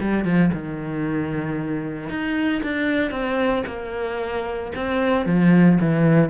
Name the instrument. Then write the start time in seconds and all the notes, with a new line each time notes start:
cello
0.00 G3
0.24 F3
0.53 D#3
2.09 D#4
2.63 D4
3.11 C4
3.67 A#3
4.75 C4
5.26 F3
5.80 E3